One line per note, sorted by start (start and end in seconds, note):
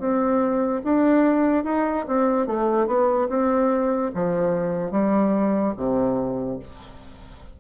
0.00 0.82 C4
0.84 1.65 D4
1.65 2.06 D#4
2.08 2.47 C4
2.47 2.87 A3
2.87 3.28 B3
3.30 4.12 C4
4.15 4.92 F3
4.92 5.74 G3
5.77 6.59 C3